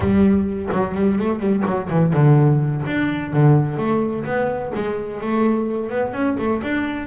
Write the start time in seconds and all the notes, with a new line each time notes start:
0.00 G3
0.72 F#3
0.94 G3
1.18 A3
1.39 G3
1.65 F#3
1.89 E3
2.13 D3
2.86 D4
3.32 D3
3.77 A3
4.24 B3
4.74 G#3
5.20 A3
5.89 B3
6.13 C#4
6.38 A3
6.62 D4